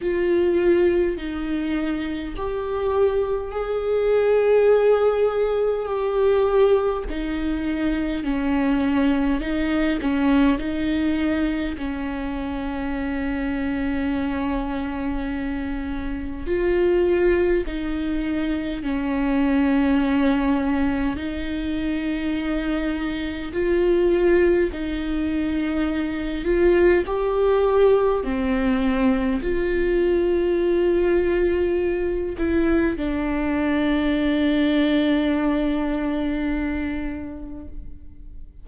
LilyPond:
\new Staff \with { instrumentName = "viola" } { \time 4/4 \tempo 4 = 51 f'4 dis'4 g'4 gis'4~ | gis'4 g'4 dis'4 cis'4 | dis'8 cis'8 dis'4 cis'2~ | cis'2 f'4 dis'4 |
cis'2 dis'2 | f'4 dis'4. f'8 g'4 | c'4 f'2~ f'8 e'8 | d'1 | }